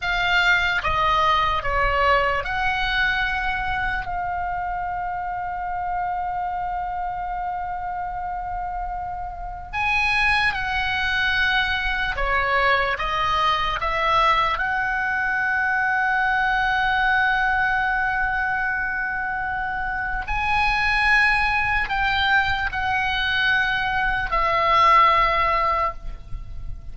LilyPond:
\new Staff \with { instrumentName = "oboe" } { \time 4/4 \tempo 4 = 74 f''4 dis''4 cis''4 fis''4~ | fis''4 f''2.~ | f''1 | gis''4 fis''2 cis''4 |
dis''4 e''4 fis''2~ | fis''1~ | fis''4 gis''2 g''4 | fis''2 e''2 | }